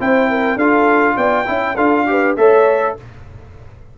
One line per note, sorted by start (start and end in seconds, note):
0.00 0.57 C4
0.00 0.59 E4
0.00 0.30 C5
0.00 0.59 G5
0.30 0.57 A#4
0.57 1.16 D4
0.57 1.46 F4
0.57 1.16 A4
0.57 1.18 F5
1.16 1.47 B3
1.16 1.46 D5
1.16 1.77 G5
1.46 1.77 C#4
1.46 1.76 E4
1.46 1.76 E5
1.76 2.37 D4
1.76 2.07 F4
1.76 2.06 A4
1.76 2.36 F5
2.07 2.37 G4
2.07 2.39 B4
2.37 2.97 A3
2.37 2.97 A4
2.37 2.99 C#5
2.37 2.97 E5